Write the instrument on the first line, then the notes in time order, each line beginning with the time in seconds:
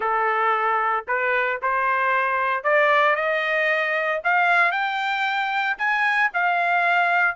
trumpet
0.00 A4
1.07 B4
1.61 C5
2.63 D5
3.15 D#5
4.24 F5
4.71 G5
5.78 G#5
6.33 F5